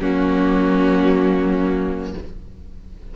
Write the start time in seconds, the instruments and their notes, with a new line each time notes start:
0.00 cello F#3, viola A#3, violin C#4 F#4